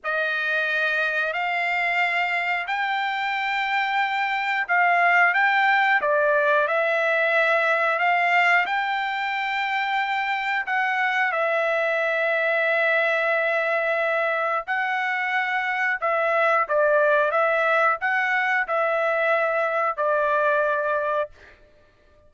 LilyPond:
\new Staff \with { instrumentName = "trumpet" } { \time 4/4 \tempo 4 = 90 dis''2 f''2 | g''2. f''4 | g''4 d''4 e''2 | f''4 g''2. |
fis''4 e''2.~ | e''2 fis''2 | e''4 d''4 e''4 fis''4 | e''2 d''2 | }